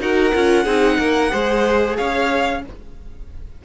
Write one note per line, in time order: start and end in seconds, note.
0.00 0.33 D#4
0.00 0.33 F#4
0.00 0.64 A#4
0.00 1.97 F#5
0.34 0.66 C#4
0.34 0.66 F4
0.64 0.98 C4
0.64 1.30 D#4
0.64 0.97 G#4
0.99 1.31 A#3
0.99 1.31 A#4
1.30 1.99 G#3
1.30 2.60 G#4
1.30 1.96 C5
1.97 2.65 C#4
1.97 2.63 C#5
1.97 2.62 F5